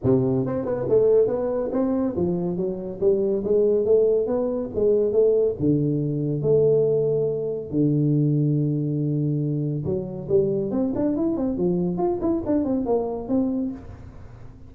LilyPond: \new Staff \with { instrumentName = "tuba" } { \time 4/4 \tempo 4 = 140 c4 c'8 b8 a4 b4 | c'4 f4 fis4 g4 | gis4 a4 b4 gis4 | a4 d2 a4~ |
a2 d2~ | d2. fis4 | g4 c'8 d'8 e'8 c'8 f4 | f'8 e'8 d'8 c'8 ais4 c'4 | }